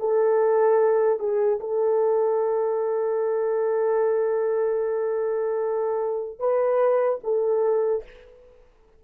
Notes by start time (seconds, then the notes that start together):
0.00 A4
1.20 G#4
1.60 A4
6.39 B4
7.24 A4